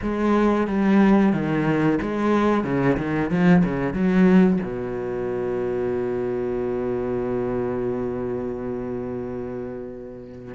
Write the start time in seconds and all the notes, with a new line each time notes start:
0.01 G#3
0.67 G3
1.32 D#3
2.01 G#3
2.64 C#3
2.97 D#3
3.30 F3
3.64 C#3
3.93 F#3
4.62 B2